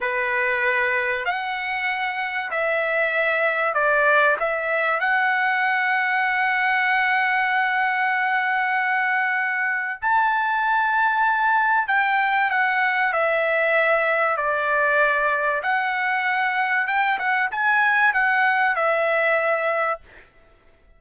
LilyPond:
\new Staff \with { instrumentName = "trumpet" } { \time 4/4 \tempo 4 = 96 b'2 fis''2 | e''2 d''4 e''4 | fis''1~ | fis''1 |
a''2. g''4 | fis''4 e''2 d''4~ | d''4 fis''2 g''8 fis''8 | gis''4 fis''4 e''2 | }